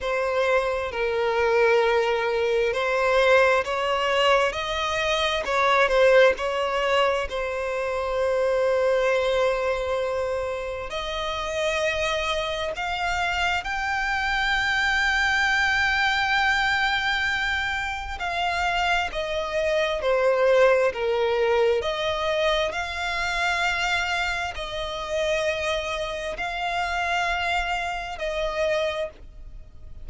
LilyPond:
\new Staff \with { instrumentName = "violin" } { \time 4/4 \tempo 4 = 66 c''4 ais'2 c''4 | cis''4 dis''4 cis''8 c''8 cis''4 | c''1 | dis''2 f''4 g''4~ |
g''1 | f''4 dis''4 c''4 ais'4 | dis''4 f''2 dis''4~ | dis''4 f''2 dis''4 | }